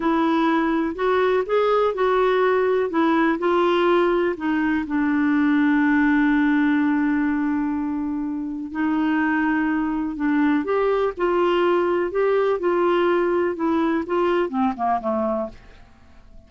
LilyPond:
\new Staff \with { instrumentName = "clarinet" } { \time 4/4 \tempo 4 = 124 e'2 fis'4 gis'4 | fis'2 e'4 f'4~ | f'4 dis'4 d'2~ | d'1~ |
d'2 dis'2~ | dis'4 d'4 g'4 f'4~ | f'4 g'4 f'2 | e'4 f'4 c'8 ais8 a4 | }